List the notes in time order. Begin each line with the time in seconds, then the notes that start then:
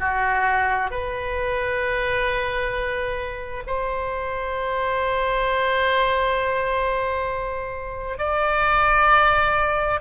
0.00 F#4
0.91 B4
3.67 C5
8.19 D5